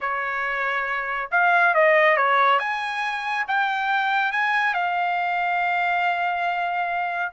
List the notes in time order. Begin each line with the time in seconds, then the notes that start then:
0.00 C#5
1.31 F5
1.74 D#5
2.16 C#5
2.59 G#5
3.47 G5
4.31 G#5
4.73 F5